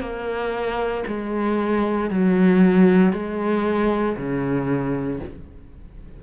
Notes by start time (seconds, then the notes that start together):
0.00 A#3
1.07 G#3
2.10 F#3
3.13 G#3
4.17 C#3